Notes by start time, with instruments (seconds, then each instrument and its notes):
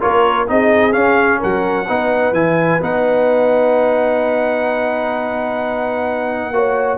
0.00 tuba A#3, trombone F4, horn A#4, trumpet C#5
0.47 tuba C4, trombone D#4, horn G#4, trumpet D#5
0.92 trombone C#4, tuba C#4, trumpet F5
1.39 tuba F#3, horn A#4, trumpet F#5
1.87 tuba B3, trombone D#4, horn B4
2.32 tuba E3, trombone E4, trumpet G#5
2.81 tuba B3, trombone D#4, trumpet F#5
6.51 tuba A#3, trombone F#4, horn C#5